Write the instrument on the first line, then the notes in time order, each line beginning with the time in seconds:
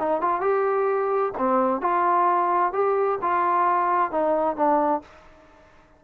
trombone
0.00 D#4
0.21 F4
0.41 G4
1.38 C4
1.82 F4
2.73 G4
3.22 F4
4.12 D#4
4.56 D4